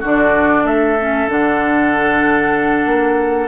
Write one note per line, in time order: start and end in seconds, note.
0.00 0.63 D3
0.00 0.99 D4
0.00 0.63 F#4
0.00 0.66 D5
0.63 1.26 A3
0.63 3.48 A4
0.63 1.29 E5
1.00 1.27 C#4
1.27 2.85 D3
1.27 3.48 D4
1.27 3.48 F#5
2.85 3.48 A#3